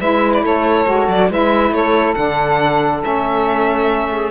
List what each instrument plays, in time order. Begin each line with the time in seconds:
0.00 cello G#3, saxophone E4 B4, violin E5
0.33 violin D5
0.43 cello A3, saxophone A4, violin C#5
0.86 cello G#3, saxophone F#4
1.08 cello F#3, violin D5
1.29 cello G#3, saxophone E4 B4, violin E5
1.71 cello A3, saxophone A4, violin C#5
2.15 cello D3, saxophone D4, violin F#5
3.02 cello A3, saxophone C#4, violin E5
4.11 saxophone G#4